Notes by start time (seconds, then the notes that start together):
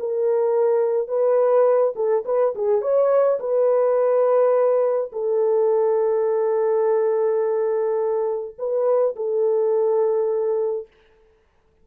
0.00 A#4
1.08 B4
1.96 A4
2.25 B4
2.56 G#4
2.82 C#5
3.40 B4
5.13 A4
8.58 B4
9.16 A4